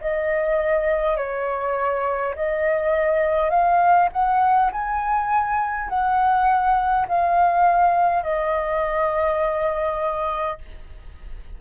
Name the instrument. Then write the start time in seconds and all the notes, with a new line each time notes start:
flute
0.00 D#5
1.17 C#5
2.35 D#5
3.50 F5
4.12 F#5
4.72 G#5
5.89 F#5
7.08 F5
8.23 D#5